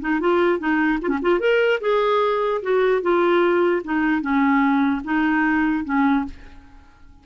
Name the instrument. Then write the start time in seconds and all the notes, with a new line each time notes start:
clarinet
0.00 D#4
0.20 F4
0.58 D#4
1.02 F4
1.08 C#4
1.22 F4
1.39 A#4
1.80 G#4
2.62 F#4
3.01 F4
3.84 D#4
4.21 C#4
5.04 D#4
5.84 C#4